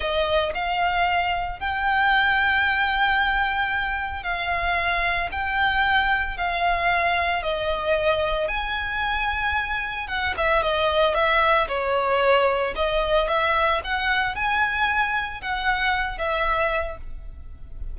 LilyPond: \new Staff \with { instrumentName = "violin" } { \time 4/4 \tempo 4 = 113 dis''4 f''2 g''4~ | g''1 | f''2 g''2 | f''2 dis''2 |
gis''2. fis''8 e''8 | dis''4 e''4 cis''2 | dis''4 e''4 fis''4 gis''4~ | gis''4 fis''4. e''4. | }